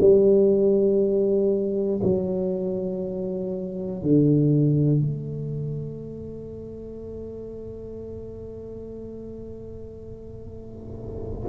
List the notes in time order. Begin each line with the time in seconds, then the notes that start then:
0.00 G3
2.02 F#3
4.02 D3
5.00 A3